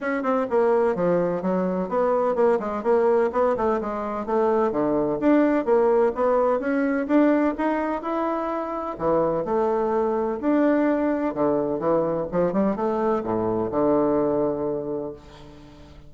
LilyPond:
\new Staff \with { instrumentName = "bassoon" } { \time 4/4 \tempo 4 = 127 cis'8 c'8 ais4 f4 fis4 | b4 ais8 gis8 ais4 b8 a8 | gis4 a4 d4 d'4 | ais4 b4 cis'4 d'4 |
dis'4 e'2 e4 | a2 d'2 | d4 e4 f8 g8 a4 | a,4 d2. | }